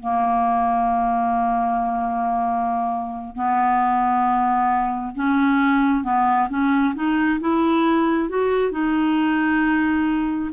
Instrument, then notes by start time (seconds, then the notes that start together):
clarinet
0.00 A#3
3.36 B3
5.15 C#4
6.04 B3
6.50 C#4
6.95 D#4
7.40 E4
8.29 F#4
8.72 D#4